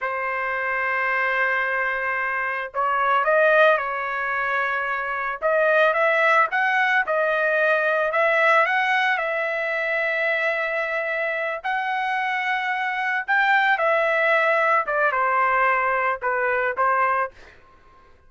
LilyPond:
\new Staff \with { instrumentName = "trumpet" } { \time 4/4 \tempo 4 = 111 c''1~ | c''4 cis''4 dis''4 cis''4~ | cis''2 dis''4 e''4 | fis''4 dis''2 e''4 |
fis''4 e''2.~ | e''4. fis''2~ fis''8~ | fis''8 g''4 e''2 d''8 | c''2 b'4 c''4 | }